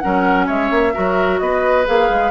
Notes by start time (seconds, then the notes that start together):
0.00 F#3 C#4 A#4 F#5
0.47 G#3 C#5 E5
0.71 A#3
0.94 F#3 F#4 A#4
1.39 B3 B4 D#5
1.85 A#3 G#4 F5
2.10 G#3